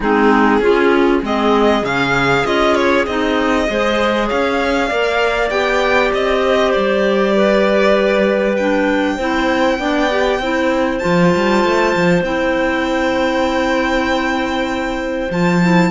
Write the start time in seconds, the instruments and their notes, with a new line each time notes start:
0.00 cello G#3, clarinet C4 D#4, violin G#4
0.60 cello C#4, clarinet C#4 F4
1.22 cello G#3, clarinet C4 G#4, violin D#5
1.82 cello C#3, clarinet C#4, violin F5
2.44 cello C#4, clarinet F4, violin D#5
2.75 violin C#5
3.06 cello C4, clarinet D#4, violin D#5
3.67 cello G#3, clarinet G#4 C5
4.27 cello C#4, clarinet C#5, violin F5
4.87 cello A#3, clarinet A#4 D5
5.49 cello B3, clarinet G4, violin G5
6.13 cello C4, violin D#5
6.45 clarinet C5
6.72 cello G3, violin D5
7.35 clarinet B4
8.56 clarinet D4, violin G5
9.15 cello C4, clarinet E4 C5
9.78 cello B3, clarinet D4 D5
10.10 clarinet G4
10.39 cello C4, clarinet E4 C5
10.98 clarinet F4, violin A5
11.04 cello F3
11.35 cello G3
11.64 cello A3
11.95 cello F3
12.22 cello C4, clarinet E4, violin G5
15.30 cello F3, clarinet F4, violin A5
15.61 clarinet E4